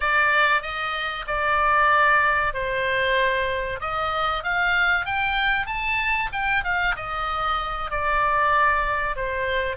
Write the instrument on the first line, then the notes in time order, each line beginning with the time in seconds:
oboe
0.00 D5
0.61 D#5
1.27 D5
2.53 C5
3.80 D#5
4.43 F5
5.05 G5
5.66 A5
6.32 G5
6.64 F5
6.96 D#5
7.91 D5
9.16 C5